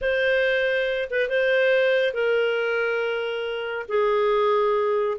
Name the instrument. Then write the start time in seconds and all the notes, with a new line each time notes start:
clarinet
0.01 C5
1.10 B4
1.29 C5
2.13 A#4
3.88 G#4